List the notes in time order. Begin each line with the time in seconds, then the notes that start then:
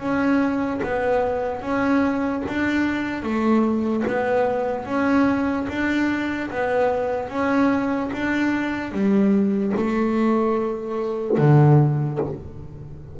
0.00 C#4
0.84 B3
1.62 C#4
2.48 D4
3.23 A3
4.08 B3
4.86 C#4
5.69 D4
6.51 B3
7.30 C#4
8.13 D4
8.92 G3
9.77 A3
11.38 D3